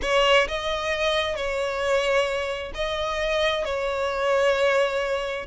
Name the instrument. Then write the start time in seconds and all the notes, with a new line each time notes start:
violin
0.02 C#5
0.48 D#5
1.36 C#5
2.74 D#5
3.64 C#5